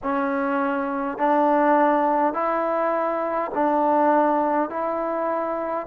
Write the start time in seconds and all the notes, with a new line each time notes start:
0.03 C#4
1.18 D4
2.33 E4
3.54 D4
4.69 E4